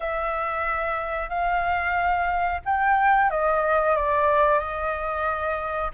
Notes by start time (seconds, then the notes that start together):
0.00 E5
1.29 F5
2.65 G5
3.30 D#5
3.96 D5
4.59 D#5